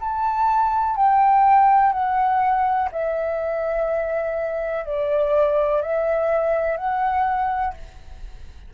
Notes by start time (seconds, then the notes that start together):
0.00 A5
0.96 G5
1.93 F#5
2.92 E5
4.85 D5
5.82 E5
6.77 F#5